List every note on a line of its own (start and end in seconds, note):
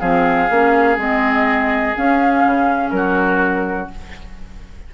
0.00 0.50 F3
0.00 0.49 C4
0.00 2.93 G#4
0.00 0.98 F5
0.50 0.98 A#3
0.50 0.98 C#4
0.98 1.95 G#3
0.98 1.96 C4
0.98 1.97 D#5
1.96 3.91 C#4
1.96 2.44 C#4
1.96 2.91 F5
2.44 2.92 C#3
2.91 3.89 F#3
2.91 3.94 F#4
2.91 3.88 A#4